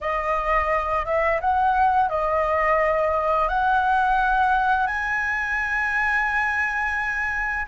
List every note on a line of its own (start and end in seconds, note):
0.00 1.05 D#5
1.05 1.40 E5
1.40 2.09 F#5
2.09 3.48 D#5
3.48 4.86 F#5
4.86 7.66 G#5